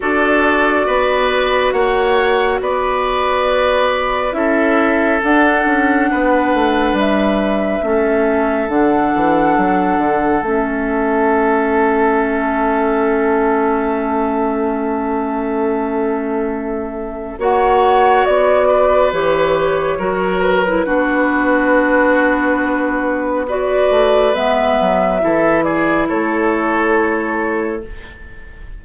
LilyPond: <<
  \new Staff \with { instrumentName = "flute" } { \time 4/4 \tempo 4 = 69 d''2 fis''4 d''4~ | d''4 e''4 fis''2 | e''2 fis''2 | e''1~ |
e''1 | fis''4 d''4 cis''4. b'8~ | b'2. d''4 | e''4. d''8 cis''2 | }
  \new Staff \with { instrumentName = "oboe" } { \time 4/4 a'4 b'4 cis''4 b'4~ | b'4 a'2 b'4~ | b'4 a'2.~ | a'1~ |
a'1 | cis''4. b'4. ais'4 | fis'2. b'4~ | b'4 a'8 gis'8 a'2 | }
  \new Staff \with { instrumentName = "clarinet" } { \time 4/4 fis'1~ | fis'4 e'4 d'2~ | d'4 cis'4 d'2 | cis'1~ |
cis'1 | fis'2 g'4 fis'8. e'16 | d'2. fis'4 | b4 e'2. | }
  \new Staff \with { instrumentName = "bassoon" } { \time 4/4 d'4 b4 ais4 b4~ | b4 cis'4 d'8 cis'8 b8 a8 | g4 a4 d8 e8 fis8 d8 | a1~ |
a1 | ais4 b4 e4 fis4 | b2.~ b8 a8 | gis8 fis8 e4 a2 | }
>>